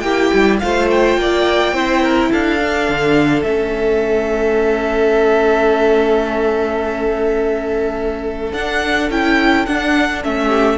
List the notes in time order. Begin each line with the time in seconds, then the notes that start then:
0.00 A#3 E4 G4 G5
0.34 G3
0.60 A3 F4 C5 F5
0.91 G5
1.17 A#3 D5
1.73 C4 E4 C5
2.03 A#4
2.32 D4 A4 F5
2.60 D4
2.89 D3
3.43 A3 C#4 E5
8.53 D4 F#5
9.10 C#4 E4 G5
9.66 D4 F#5
10.23 A3 C#4 E5
10.48 G4